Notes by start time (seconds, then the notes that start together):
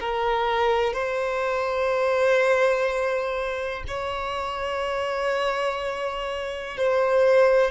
0.00 A#4
0.93 C5
3.88 C#5
6.77 C5